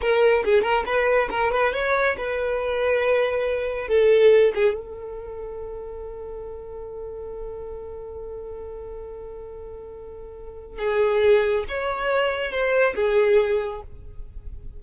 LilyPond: \new Staff \with { instrumentName = "violin" } { \time 4/4 \tempo 4 = 139 ais'4 gis'8 ais'8 b'4 ais'8 b'8 | cis''4 b'2.~ | b'4 a'4. gis'8 a'4~ | a'1~ |
a'1~ | a'1~ | a'4 gis'2 cis''4~ | cis''4 c''4 gis'2 | }